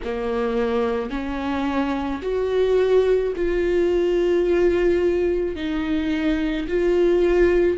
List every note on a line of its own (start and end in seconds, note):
0.04 1.10 A#3
1.10 2.21 C#4
2.22 3.33 F#4
3.36 5.55 F4
5.55 6.66 D#4
6.68 7.77 F4